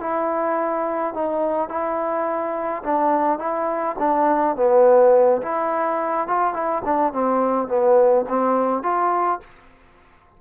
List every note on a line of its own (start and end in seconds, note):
0.00 1.14 E4
1.14 1.69 D#4
1.69 2.83 E4
2.83 3.39 D4
3.39 3.96 E4
3.99 4.56 D4
4.56 5.42 B3
5.42 6.28 E4
6.28 6.54 F4
6.54 6.82 E4
6.85 7.13 D4
7.13 7.68 C4
7.68 8.25 B3
8.29 8.83 C4
8.83 9.40 F4